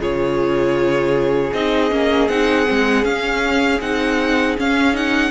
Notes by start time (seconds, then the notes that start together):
0.00 C#3 F4 G#4 C#5
1.53 C4 D#4 D#5
1.91 A#3 C#4
2.29 C4 D#4 F#5
2.66 G#3 C4
3.03 C#4 F5
3.81 C4 D#4 F#5
4.58 C#4 F5
4.94 D#4 F#5